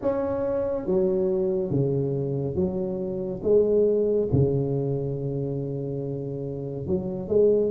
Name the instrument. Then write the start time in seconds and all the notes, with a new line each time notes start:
tuba
0.01 C#4
0.86 F#3
1.70 C#3
2.55 F#3
3.42 G#3
4.32 C#3
6.86 F#3
7.28 G#3